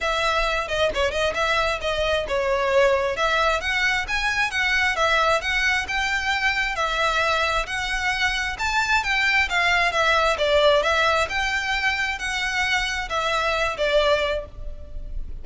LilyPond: \new Staff \with { instrumentName = "violin" } { \time 4/4 \tempo 4 = 133 e''4. dis''8 cis''8 dis''8 e''4 | dis''4 cis''2 e''4 | fis''4 gis''4 fis''4 e''4 | fis''4 g''2 e''4~ |
e''4 fis''2 a''4 | g''4 f''4 e''4 d''4 | e''4 g''2 fis''4~ | fis''4 e''4. d''4. | }